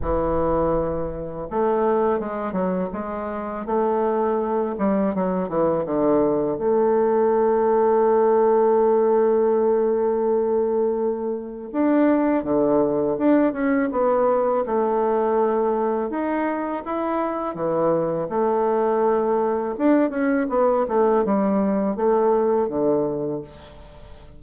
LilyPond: \new Staff \with { instrumentName = "bassoon" } { \time 4/4 \tempo 4 = 82 e2 a4 gis8 fis8 | gis4 a4. g8 fis8 e8 | d4 a2.~ | a1 |
d'4 d4 d'8 cis'8 b4 | a2 dis'4 e'4 | e4 a2 d'8 cis'8 | b8 a8 g4 a4 d4 | }